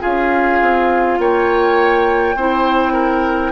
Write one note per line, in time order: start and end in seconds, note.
0.00 0.62 C#4
0.00 2.35 F4
0.00 1.19 G#4
0.00 1.20 F5
0.62 1.19 C4
1.19 2.35 A#3
1.19 2.37 C#5
1.19 3.52 G5
2.35 3.52 C4
2.35 3.52 E4
2.35 2.93 C5
2.93 3.52 A#4